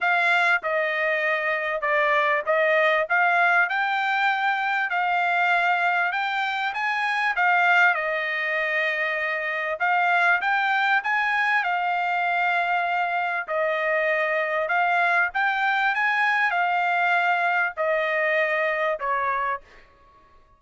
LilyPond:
\new Staff \with { instrumentName = "trumpet" } { \time 4/4 \tempo 4 = 98 f''4 dis''2 d''4 | dis''4 f''4 g''2 | f''2 g''4 gis''4 | f''4 dis''2. |
f''4 g''4 gis''4 f''4~ | f''2 dis''2 | f''4 g''4 gis''4 f''4~ | f''4 dis''2 cis''4 | }